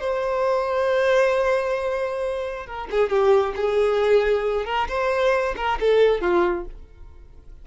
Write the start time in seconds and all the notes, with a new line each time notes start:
0.00 C5
2.66 A#4
2.91 G#4
3.09 G4
3.56 G#4
4.65 A#4
4.88 C5
5.56 A#4
5.80 A4
6.21 F4